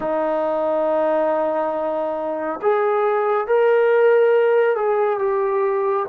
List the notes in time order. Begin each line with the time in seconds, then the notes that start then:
0.00 D#4
2.62 G#4
3.47 A#4
4.75 G#4
5.19 G4